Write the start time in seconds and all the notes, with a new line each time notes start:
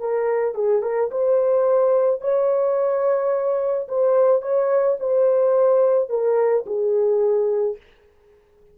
0.00 A#4
0.55 G#4
0.83 A#4
1.11 C5
2.21 C#5
3.89 C5
4.42 C#5
5.00 C5
6.10 A#4
6.66 G#4